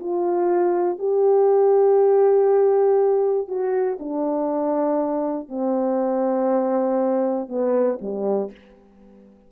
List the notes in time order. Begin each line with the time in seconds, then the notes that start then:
0.00 F4
0.99 G4
3.48 F#4
4.00 D4
5.49 C4
7.49 B3
8.02 G3